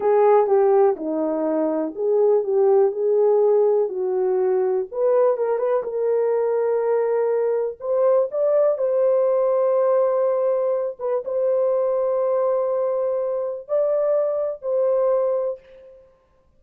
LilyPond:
\new Staff \with { instrumentName = "horn" } { \time 4/4 \tempo 4 = 123 gis'4 g'4 dis'2 | gis'4 g'4 gis'2 | fis'2 b'4 ais'8 b'8 | ais'1 |
c''4 d''4 c''2~ | c''2~ c''8 b'8 c''4~ | c''1 | d''2 c''2 | }